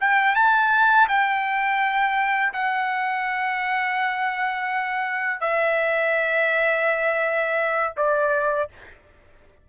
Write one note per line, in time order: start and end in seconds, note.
0.00 0.35 G5
0.35 1.07 A5
1.08 2.53 G5
2.53 5.40 F#5
5.40 7.93 E5
7.97 8.69 D5